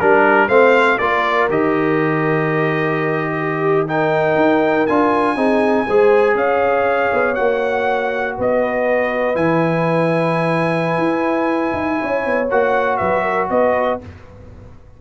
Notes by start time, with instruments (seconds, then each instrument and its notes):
0.00 tuba G3, trombone D4, trumpet A#4, horn A#4
0.48 tuba A3, trombone C4, horn C5, trumpet F5
0.98 tuba A#3, trombone F4, horn A#4, trumpet D5
1.50 tuba D#3, trombone G4, trumpet D#5
3.39 horn G4
3.87 trombone D#4, horn A#4, trumpet G5
4.36 tuba D#4
4.87 tuba D4, trombone F4, trumpet G#5
5.36 tuba C4, trombone D#4, horn G#4
5.86 tuba G#3, trombone G#4, horn C5
6.35 tuba C#4, horn C#5, trumpet F5
7.13 tuba B3
7.35 tuba A#3, trombone F#4, trumpet F#5
8.37 tuba B3, horn B4, trumpet D#5
9.35 tuba E3, trombone E4, trumpet G#5
10.98 tuba E4
11.73 tuba D#4
12.01 tuba C#4, horn C#5
12.26 tuba B3
12.50 tuba A#3, trombone F#4, trumpet F#5
12.97 tuba F#3, horn B4, trumpet E5
13.24 horn A#4
13.50 tuba B3, horn B4, trumpet D#5